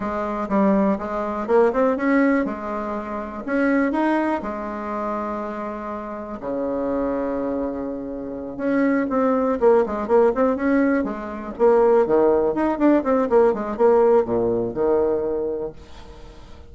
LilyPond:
\new Staff \with { instrumentName = "bassoon" } { \time 4/4 \tempo 4 = 122 gis4 g4 gis4 ais8 c'8 | cis'4 gis2 cis'4 | dis'4 gis2.~ | gis4 cis2.~ |
cis4. cis'4 c'4 ais8 | gis8 ais8 c'8 cis'4 gis4 ais8~ | ais8 dis4 dis'8 d'8 c'8 ais8 gis8 | ais4 ais,4 dis2 | }